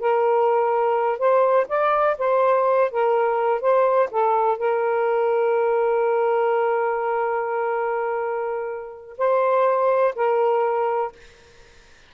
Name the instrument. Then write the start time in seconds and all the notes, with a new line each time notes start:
saxophone
0.00 A#4
1.19 C5
1.69 D5
2.18 C5
2.91 A#4
3.61 C5
4.11 A4
4.58 A#4
9.18 C5
10.16 A#4